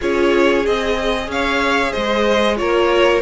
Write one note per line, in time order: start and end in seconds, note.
0.01 0.66 C#4
0.01 0.65 F4
0.01 1.30 G#4
0.01 0.66 C#5
0.65 1.27 C4
0.65 2.56 G#4
0.65 1.30 D#5
1.27 1.92 C#4
1.27 1.91 C#5
1.27 1.92 F5
1.91 2.60 G#3
1.91 2.56 C5
1.91 2.56 D#5
2.56 3.22 A#3
2.56 3.21 F4
2.56 3.22 A#4
2.56 3.22 C#5